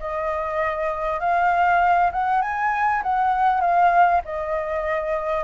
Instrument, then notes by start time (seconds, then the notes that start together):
flute
0.00 D#5
1.20 F5
2.12 F#5
2.42 G#5
3.03 F#5
3.61 F5
4.25 D#5